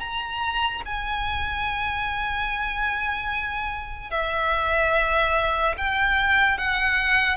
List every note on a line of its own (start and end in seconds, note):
0.00 0.82 A#5
0.86 4.11 G#5
4.11 5.75 E5
5.78 6.58 G5
6.58 7.37 F#5